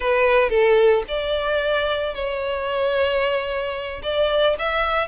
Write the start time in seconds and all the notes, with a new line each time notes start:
0.00 B4
0.49 A4
1.08 D5
2.14 C#5
4.02 D5
4.59 E5